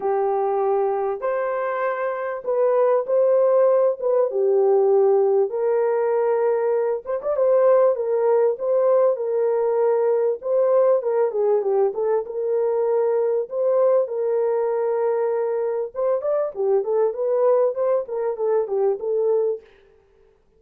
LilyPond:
\new Staff \with { instrumentName = "horn" } { \time 4/4 \tempo 4 = 98 g'2 c''2 | b'4 c''4. b'8 g'4~ | g'4 ais'2~ ais'8 c''16 d''16 | c''4 ais'4 c''4 ais'4~ |
ais'4 c''4 ais'8 gis'8 g'8 a'8 | ais'2 c''4 ais'4~ | ais'2 c''8 d''8 g'8 a'8 | b'4 c''8 ais'8 a'8 g'8 a'4 | }